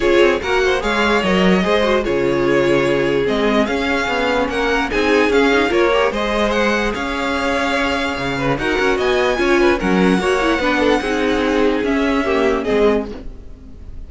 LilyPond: <<
  \new Staff \with { instrumentName = "violin" } { \time 4/4 \tempo 4 = 147 cis''4 fis''4 f''4 dis''4~ | dis''4 cis''2. | dis''4 f''2 fis''4 | gis''4 f''4 cis''4 dis''4 |
fis''4 f''2.~ | f''4 fis''4 gis''2 | fis''1~ | fis''4 e''2 dis''4 | }
  \new Staff \with { instrumentName = "violin" } { \time 4/4 gis'4 ais'8 c''8 cis''2 | c''4 gis'2.~ | gis'2. ais'4 | gis'2 ais'4 c''4~ |
c''4 cis''2.~ | cis''8 b'8 ais'4 dis''4 cis''8 b'8 | ais'4 cis''4 b'8 a'8 gis'4~ | gis'2 g'4 gis'4 | }
  \new Staff \with { instrumentName = "viola" } { \time 4/4 f'4 fis'4 gis'4 ais'4 | gis'8 fis'8 f'2. | c'4 cis'2. | dis'4 cis'8 dis'8 f'8 g'8 gis'4~ |
gis'1~ | gis'4 fis'2 f'4 | cis'4 fis'8 e'8 d'4 dis'4~ | dis'4 cis'4 ais4 c'4 | }
  \new Staff \with { instrumentName = "cello" } { \time 4/4 cis'8 c'8 ais4 gis4 fis4 | gis4 cis2. | gis4 cis'4 b4 ais4 | c'4 cis'4 ais4 gis4~ |
gis4 cis'2. | cis4 dis'8 cis'8 b4 cis'4 | fis4 ais4 b4 c'4~ | c'4 cis'2 gis4 | }
>>